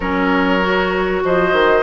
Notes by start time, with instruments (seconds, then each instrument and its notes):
0.00 bassoon F#3, clarinet C#4, oboe A#4, flute C#5
0.61 clarinet F#4
1.24 bassoon F3, oboe C5, flute D#5
1.52 bassoon D#3